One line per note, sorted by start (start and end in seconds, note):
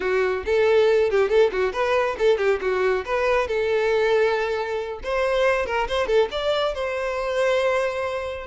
0.00 0.44 F#4
0.45 1.10 A4
1.10 1.29 G4
1.29 1.50 A4
1.51 1.73 F#4
1.73 2.16 B4
2.18 2.37 A4
2.37 2.59 G4
2.61 3.04 F#4
3.05 3.47 B4
3.47 4.99 A4
5.03 5.65 C5
5.65 5.87 A#4
5.87 6.07 C5
6.07 6.28 A4
6.31 6.74 D5
6.74 8.46 C5